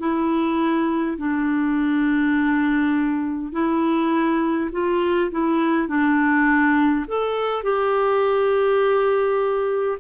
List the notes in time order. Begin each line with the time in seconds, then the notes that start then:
0.00 E4
1.18 D4
3.53 E4
4.72 F4
5.32 E4
5.88 D4
7.08 A4
7.64 G4